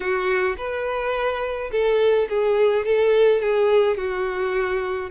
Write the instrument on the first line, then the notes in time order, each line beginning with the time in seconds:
violin
0.00 F#4
0.57 B4
1.71 A4
2.29 G#4
2.85 A4
3.41 G#4
3.97 F#4